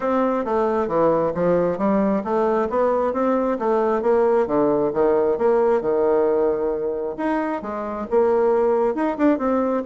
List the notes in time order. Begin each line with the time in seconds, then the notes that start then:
0.00 C4
0.45 A3
0.87 E3
1.34 F3
1.77 G3
2.23 A3
2.69 B3
3.13 C4
3.58 A3
4.02 A#3
4.46 D3
4.93 D#3
5.38 A#3
5.81 D#3
7.17 D#4
7.62 G#3
8.10 A#3
8.95 D#4
9.17 D4
9.38 C4